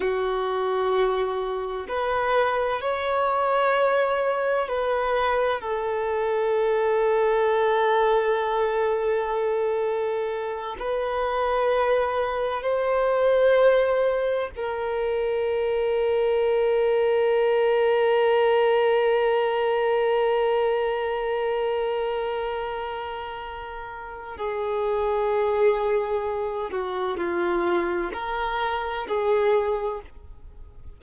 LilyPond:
\new Staff \with { instrumentName = "violin" } { \time 4/4 \tempo 4 = 64 fis'2 b'4 cis''4~ | cis''4 b'4 a'2~ | a'2.~ a'8 b'8~ | b'4. c''2 ais'8~ |
ais'1~ | ais'1~ | ais'2 gis'2~ | gis'8 fis'8 f'4 ais'4 gis'4 | }